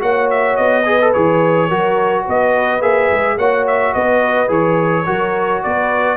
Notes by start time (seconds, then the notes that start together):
0.00 A#3 F#4 C#5 F#5
0.31 E5
0.57 B3 D#5
0.86 G#4 B4
1.01 A4
1.14 E3 G#4 C#5
1.68 F#3 F#4 A#4
2.26 B3 B4 D#5
2.81 A#3 G#4 E5
3.13 G#3
3.38 A#3 F#4 C#5 F#5
3.68 E5
3.94 B3 B4 D#5
4.48 E3 G#4 C#5
5.06 F#3 F#4 A#4
5.64 B3 B4 D5